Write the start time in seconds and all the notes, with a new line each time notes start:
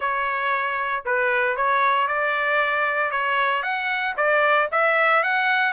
0.00 C#5
1.05 B4
1.56 C#5
2.07 D5
3.11 C#5
3.62 F#5
4.16 D5
4.71 E5
5.23 F#5